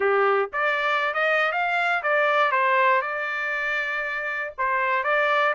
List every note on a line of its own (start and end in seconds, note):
0.00 0.49 G4
0.52 1.14 D5
1.14 1.51 D#5
1.51 2.02 F5
2.03 2.51 D5
2.51 3.01 C5
3.01 4.52 D5
4.57 5.03 C5
5.03 5.53 D5